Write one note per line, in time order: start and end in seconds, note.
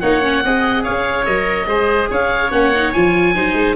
0.00 0.43 A#3
0.00 0.21 D#4
0.00 0.43 C#5
0.00 0.83 F#5
0.21 0.42 C#4
0.44 0.86 C4
0.44 1.25 G#4
0.44 0.83 D#5
0.83 1.27 C#4
0.83 1.66 C#5
0.83 1.25 F5
1.25 1.66 F#3
1.25 1.67 A#4
1.25 2.08 D#5
1.66 2.08 G#3
1.66 2.51 G#4
1.66 2.09 C5
2.10 2.51 C#4
2.10 3.35 C#5
2.10 2.51 F5
2.51 2.92 A#3
2.51 2.72 C#4
2.51 2.93 F#5
2.74 2.94 D#4
2.93 3.35 F3
2.93 3.34 F4
2.93 3.76 G#5
3.34 3.53 F#3
3.34 3.76 D#4
3.34 3.76 C5
3.53 3.74 G#3